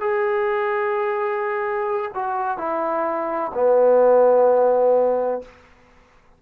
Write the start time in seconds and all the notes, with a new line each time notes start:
0.00 G#4
2.14 F#4
2.57 E4
3.54 B3